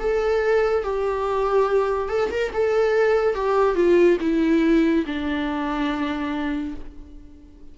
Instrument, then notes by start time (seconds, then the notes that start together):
viola
0.00 A4
0.84 G4
2.09 A4
2.31 A#4
2.54 A4
3.35 G4
3.75 F4
4.21 E4
5.06 D4